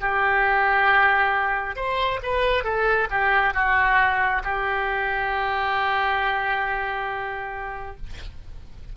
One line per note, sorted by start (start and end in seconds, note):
0.00 1.75 G4
1.75 2.19 C5
2.22 2.64 B4
2.64 3.08 A4
3.10 3.53 G4
3.53 4.42 F#4
4.44 7.97 G4